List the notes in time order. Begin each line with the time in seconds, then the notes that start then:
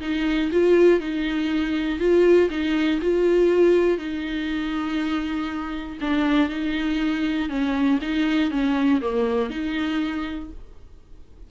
0.00 D#4
0.51 F4
1.00 D#4
1.99 F4
2.50 D#4
3.01 F4
3.97 D#4
6.00 D4
6.49 D#4
7.49 C#4
8.01 D#4
8.50 C#4
9.01 A#3
9.50 D#4